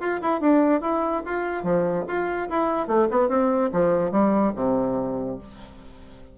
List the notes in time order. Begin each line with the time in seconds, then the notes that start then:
0.00 F4
0.22 E4
0.41 D4
0.82 E4
1.26 F4
1.64 F3
2.08 F4
2.50 E4
2.88 A3
3.11 B3
3.29 C4
3.73 F3
4.12 G3
4.56 C3